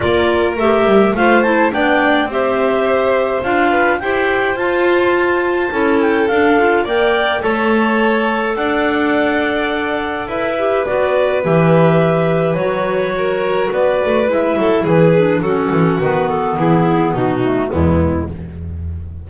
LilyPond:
<<
  \new Staff \with { instrumentName = "clarinet" } { \time 4/4 \tempo 4 = 105 d''4 e''4 f''8 a''8 g''4 | e''2 f''4 g''4 | a''2~ a''8 g''8 f''4 | g''4 a''2 fis''4~ |
fis''2 e''4 d''4 | e''2 cis''2 | d''4 e''4 b'4 a'4 | b'8 a'8 gis'4 fis'4 e'4 | }
  \new Staff \with { instrumentName = "violin" } { \time 4/4 ais'2 c''4 d''4 | c''2~ c''8 b'8 c''4~ | c''2 a'2 | d''4 cis''2 d''4~ |
d''2 b'2~ | b'2. ais'4 | b'4. a'8 gis'4 fis'4~ | fis'4 e'4 dis'4 b4 | }
  \new Staff \with { instrumentName = "clarinet" } { \time 4/4 f'4 g'4 f'8 e'8 d'4 | g'2 f'4 g'4 | f'2 e'4 d'8 f'8 | ais'4 a'2.~ |
a'2~ a'8 g'8 fis'4 | g'2 fis'2~ | fis'4 e'4. d'8 cis'4 | b2~ b8 a8 gis4 | }
  \new Staff \with { instrumentName = "double bass" } { \time 4/4 ais4 a8 g8 a4 b4 | c'2 d'4 e'4 | f'2 cis'4 d'4 | ais4 a2 d'4~ |
d'2 e'4 b4 | e2 fis2 | b8 a8 gis8 fis8 e4 fis8 e8 | dis4 e4 b,4 e,4 | }
>>